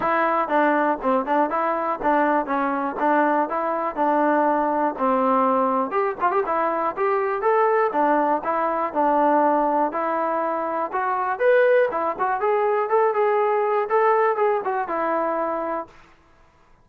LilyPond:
\new Staff \with { instrumentName = "trombone" } { \time 4/4 \tempo 4 = 121 e'4 d'4 c'8 d'8 e'4 | d'4 cis'4 d'4 e'4 | d'2 c'2 | g'8 f'16 g'16 e'4 g'4 a'4 |
d'4 e'4 d'2 | e'2 fis'4 b'4 | e'8 fis'8 gis'4 a'8 gis'4. | a'4 gis'8 fis'8 e'2 | }